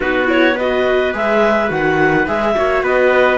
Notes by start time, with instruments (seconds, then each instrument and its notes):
0.00 cello B3, viola D#4, trumpet F#4, clarinet B4
0.25 viola E4, clarinet C#5
0.54 trumpet B4, clarinet D#5
0.60 viola F#4
1.13 cello G#3, viola G#4, clarinet E5
1.68 cello D#3, viola F#4, clarinet F#5
2.27 cello G#3, viola G#4, clarinet E5
2.54 cello A#3, viola F#4, trumpet C#5
2.82 cello B3, trumpet B4, clarinet D#5